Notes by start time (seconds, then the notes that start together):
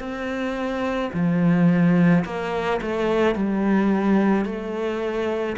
0.00 C4
1.14 F3
2.25 A#3
2.82 A3
3.35 G3
4.45 A3